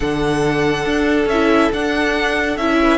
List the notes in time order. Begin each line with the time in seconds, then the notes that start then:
0.00 D3 D4 A4 F#5
0.85 D4
1.26 C#4 E5
1.32 E4
1.73 D4 F#5
2.57 C#4 E4 E5
2.83 B4